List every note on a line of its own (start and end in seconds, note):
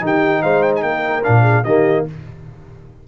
0.00 0.43 D#3
0.00 1.22 D#4
0.00 0.42 G4
0.06 0.42 G5
0.42 0.82 G#3
0.42 0.82 C5
0.42 0.62 F5
0.62 0.72 G5
0.76 0.82 G#5
0.82 1.23 A#3
0.82 1.42 A#4
0.82 1.23 G5
1.23 1.64 A#2
1.23 1.64 D4
1.23 1.64 F5
1.42 1.62 G#4
1.64 2.05 D#3
1.64 2.07 A#3
1.64 2.06 G4
1.64 2.04 D#5